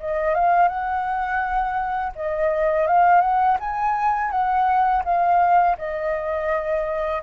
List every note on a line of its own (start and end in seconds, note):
0.00 0.35 D#5
0.35 0.68 F5
0.68 2.13 F#5
2.16 2.87 D#5
2.87 3.21 F5
3.21 3.58 F#5
3.60 4.31 G#5
4.31 5.03 F#5
5.05 5.77 F5
5.78 7.23 D#5